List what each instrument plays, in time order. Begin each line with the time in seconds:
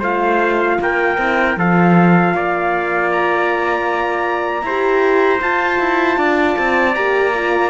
0.00 cello A3, horn F4, trumpet C5 F5
0.81 cello A#3, trumpet A#4 G5
1.18 cello C4, horn E4
1.57 cello F3, horn F4, trumpet A4 F5
2.34 cello A#3, trumpet D5
3.12 trumpet A#5
4.62 cello E4, horn G4, trumpet C5
5.40 horn F4, cello F4, trumpet A5
5.79 cello E4
6.18 cello D4, trumpet D5
6.59 cello C4
6.95 cello A#3, horn G4, trumpet A#5
7.34 horn F4